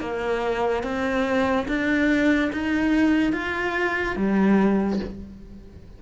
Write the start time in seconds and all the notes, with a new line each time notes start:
0.00 A#3
0.83 C4
1.67 D4
2.52 D#4
3.32 F4
4.16 G3